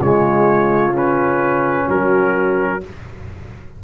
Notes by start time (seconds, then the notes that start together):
0.00 C#3 G#3 F4 C#5
0.93 C#4 B4
1.88 F#3 F#4 A#4